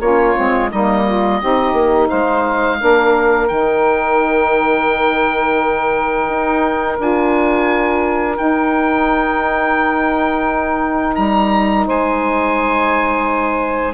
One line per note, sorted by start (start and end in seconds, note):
0.00 0.35 A#3
0.00 0.35 C#4
0.00 0.70 F4
0.00 0.70 C#5
0.35 0.72 G#3
0.35 0.70 C4
0.70 1.42 G3
0.70 1.41 A#3
0.70 1.05 D#4
0.70 2.09 D#5
1.05 1.40 F4
1.40 1.73 C4
1.40 2.78 D#4
1.40 2.09 G4
1.73 2.08 A#3
2.09 2.82 G#3
2.09 2.79 C5
2.09 3.48 F5
2.78 3.50 A#3
2.78 3.48 D4
2.78 11.87 A#4
3.48 6.28 D#3
3.48 6.98 D#4
3.48 6.97 G5
6.28 6.98 D#4
6.98 8.38 D4
6.98 8.35 F4
6.98 8.38 G#5
8.35 13.93 D#4
8.35 11.17 D#4
8.35 11.15 G5
11.15 11.87 G3
11.15 11.85 A#5
11.87 13.94 G#3
11.87 13.94 C5
11.87 13.94 G#5